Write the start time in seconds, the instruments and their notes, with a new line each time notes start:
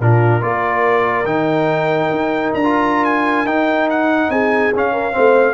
0.00 tuba A#2, trombone D4, horn F4, trumpet A#4
0.41 tuba A#3, trombone F4, horn A#4, trumpet D5
1.26 tuba D#3, trombone D#4, trumpet G5
2.11 tuba D#4
2.54 tuba D4, trumpet A#5
2.64 trombone F4
3.05 trumpet G#5
3.45 tuba D#4, trombone D#4, trumpet G5
3.90 trumpet F#5
4.30 tuba C4, horn G#4, trumpet G#5
4.74 tuba C#4, trombone C#4, trumpet F5
4.93 horn A#4
5.12 trombone C4, horn C5
5.18 tuba A3